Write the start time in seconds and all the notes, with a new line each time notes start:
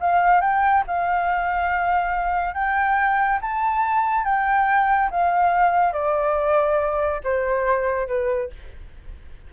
0.00 F5
0.41 G5
0.87 F5
2.54 G5
3.41 A5
4.24 G5
5.10 F5
5.92 D5
7.23 C5
8.07 B4